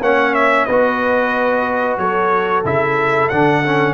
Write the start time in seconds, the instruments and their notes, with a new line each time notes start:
0.00 tuba A#3, trombone C#4, horn C#5, trumpet F#5
0.34 trumpet E5
0.65 tuba B3, trombone F#4, horn B4, trumpet D#5
1.97 tuba F#3, horn A4, trumpet C#5
2.64 tuba C#3, trombone E4, trumpet E5
3.29 tuba D3, trombone D4, trumpet F#5
3.65 trombone C#4